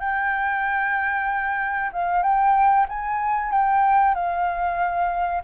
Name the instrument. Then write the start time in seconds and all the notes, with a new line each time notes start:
flute
0.00 G5
1.93 F5
2.23 G5
2.89 G#5
3.52 G5
4.15 F5